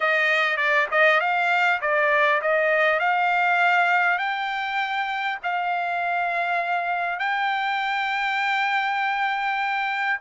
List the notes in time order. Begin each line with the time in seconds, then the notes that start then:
0.00 D#5
0.56 D5
0.91 D#5
1.20 F5
1.81 D5
2.41 D#5
2.99 F5
4.18 G5
5.43 F5
7.19 G5